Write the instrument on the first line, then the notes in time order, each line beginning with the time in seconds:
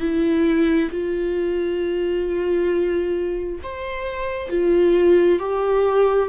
viola
0.00 E4
0.91 F4
3.63 C5
4.50 F4
5.39 G4